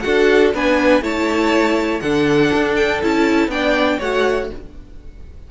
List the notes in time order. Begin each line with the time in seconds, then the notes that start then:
0.00 D4 F#4 A4 F#5
0.54 B3 D4 B4 G#5
1.01 A3 E4 C#5 A5
1.99 D3 D4 A4 F#5
2.53 D4
2.76 G5
3.02 C#4 E4 A5
3.48 B3 D4 D5 G5
3.98 A3 F#4 C#5 F#5